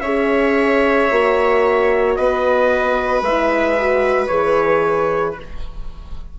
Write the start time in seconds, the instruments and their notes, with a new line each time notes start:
0.00 bassoon C#4, horn G#4, viola C#5, trumpet E5
1.11 bassoon A#3, horn F#4
2.16 bassoon B3, viola B4, trumpet D#5
3.21 bassoon G#3, trumpet E5
3.27 horn E4
3.79 horn F#4
4.27 bassoon E3, horn G#4, trumpet C#5